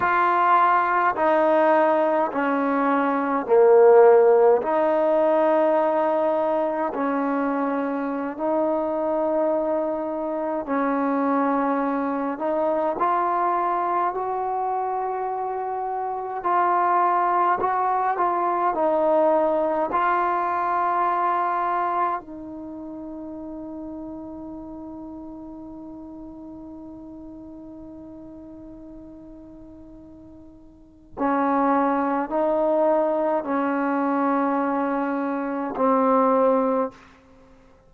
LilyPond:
\new Staff \with { instrumentName = "trombone" } { \time 4/4 \tempo 4 = 52 f'4 dis'4 cis'4 ais4 | dis'2 cis'4~ cis'16 dis'8.~ | dis'4~ dis'16 cis'4. dis'8 f'8.~ | f'16 fis'2 f'4 fis'8 f'16~ |
f'16 dis'4 f'2 dis'8.~ | dis'1~ | dis'2. cis'4 | dis'4 cis'2 c'4 | }